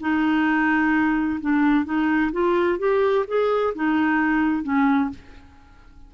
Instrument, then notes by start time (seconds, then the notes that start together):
clarinet
0.00 D#4
1.41 D4
1.85 D#4
2.32 F4
2.79 G4
3.27 G#4
3.75 D#4
4.63 C#4